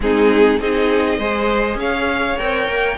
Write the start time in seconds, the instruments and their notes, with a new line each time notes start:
0.00 cello G#3, viola C4, violin D#4 G#4
0.60 cello C4, viola D#4, violin G#4 D#5
1.18 cello G#3, viola G#4, violin C5
1.75 cello C#4, violin C#5 F5
2.38 cello C4, viola A#4, violin G5
2.67 cello A#3